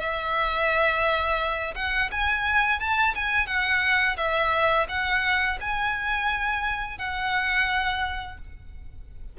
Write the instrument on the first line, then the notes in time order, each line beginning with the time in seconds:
violin
0.00 E5
1.75 F#5
2.12 G#5
2.80 A5
3.15 G#5
3.47 F#5
4.17 E5
4.89 F#5
5.61 G#5
6.98 F#5